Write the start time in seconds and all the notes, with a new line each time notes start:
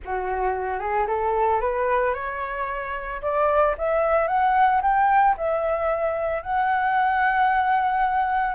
0.04 F#4
0.79 G#4
1.07 A4
1.60 B4
2.14 C#5
3.22 D5
3.77 E5
4.27 F#5
4.82 G5
5.37 E5
6.42 F#5